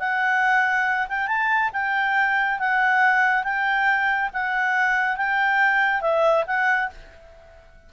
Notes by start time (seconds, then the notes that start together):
0.00 F#5
1.09 G5
1.28 A5
1.73 G5
2.60 F#5
3.44 G5
4.34 F#5
5.17 G5
6.02 E5
6.47 F#5